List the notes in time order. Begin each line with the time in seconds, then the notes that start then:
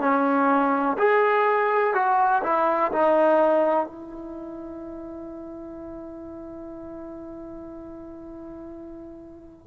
0.00 C#4
0.98 G#4
1.94 F#4
2.43 E4
2.92 D#4
3.86 E4